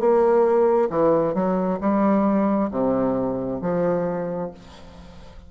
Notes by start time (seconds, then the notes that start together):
0.00 A#3
0.90 E3
1.35 F#3
1.81 G3
2.72 C3
3.62 F3